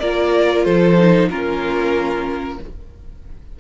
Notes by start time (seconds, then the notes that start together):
0.00 A#3 F4 A#4 D5
0.64 F3 A4 C5
0.99 D#4
1.30 A#3 C#4 F4 A#4